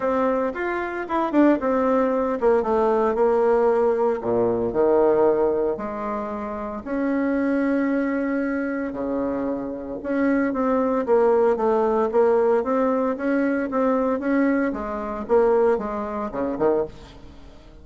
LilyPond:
\new Staff \with { instrumentName = "bassoon" } { \time 4/4 \tempo 4 = 114 c'4 f'4 e'8 d'8 c'4~ | c'8 ais8 a4 ais2 | ais,4 dis2 gis4~ | gis4 cis'2.~ |
cis'4 cis2 cis'4 | c'4 ais4 a4 ais4 | c'4 cis'4 c'4 cis'4 | gis4 ais4 gis4 cis8 dis8 | }